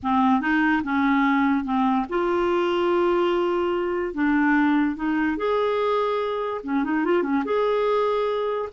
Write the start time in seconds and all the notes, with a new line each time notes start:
0.02 C4
0.40 D#4
0.83 C#4
1.64 C4
2.09 F4
4.14 D4
4.96 D#4
5.37 G#4
6.63 C#4
6.84 D#4
7.04 F4
7.23 C#4
7.44 G#4